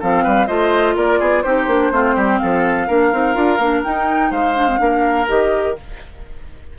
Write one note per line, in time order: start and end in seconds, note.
0.00 0.26 F3
0.00 0.47 C4
0.00 0.23 A4
0.00 0.47 F5
0.23 0.48 G3
0.23 0.47 B4
0.47 0.96 A3
0.47 1.43 F4
0.47 0.95 C5
0.47 0.95 D#5
0.96 1.20 A#3
0.96 1.19 A#4
0.96 1.42 D5
1.19 1.44 B3
1.19 1.43 G#4
1.42 1.67 C4
1.42 1.69 D#4
1.42 1.92 G4
1.42 2.38 C5
1.67 1.91 A#3
1.67 1.92 D4
1.91 2.15 A3
1.91 2.88 C4
1.91 2.15 F4
2.15 2.40 G3
2.15 2.39 G4
2.38 2.89 F3
2.38 2.87 A4
2.38 3.82 F5
2.87 3.12 A#3
2.87 3.12 D4
2.87 4.31 A#4
3.12 3.35 C4
3.12 3.34 D#4
3.34 3.58 D4
3.34 3.58 F4
3.58 3.82 A#3
3.58 3.85 D4
3.84 4.56 D#4
3.84 4.31 D#4
3.84 4.32 G5
4.31 4.79 G#3
4.31 4.79 C5
4.31 5.28 F5
4.56 4.67 D4
4.67 4.78 C4
4.78 5.28 A#3
4.78 5.26 D4
4.78 5.78 A#4
5.28 5.77 D#3
5.28 5.75 G4
5.28 5.77 D#5